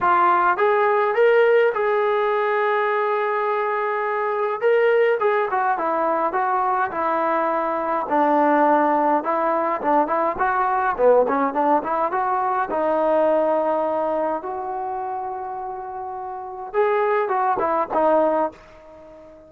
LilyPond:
\new Staff \with { instrumentName = "trombone" } { \time 4/4 \tempo 4 = 104 f'4 gis'4 ais'4 gis'4~ | gis'1 | ais'4 gis'8 fis'8 e'4 fis'4 | e'2 d'2 |
e'4 d'8 e'8 fis'4 b8 cis'8 | d'8 e'8 fis'4 dis'2~ | dis'4 fis'2.~ | fis'4 gis'4 fis'8 e'8 dis'4 | }